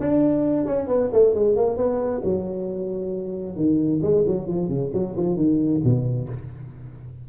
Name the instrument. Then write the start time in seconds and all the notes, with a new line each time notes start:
tuba
0.00 D4
0.66 C#4
0.87 B3
1.12 A3
1.34 G#3
1.55 A#3
1.76 B3
2.23 F#3
3.56 D#3
4.02 G#3
4.26 F#3
4.47 F3
4.68 C#3
4.93 F#3
5.16 F3
5.36 D#3
5.83 B2